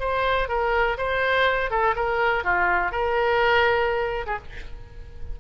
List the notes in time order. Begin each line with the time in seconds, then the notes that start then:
0.00 C5
0.49 A#4
0.98 C5
1.71 A4
1.96 A#4
2.44 F4
2.92 A#4
4.26 G#4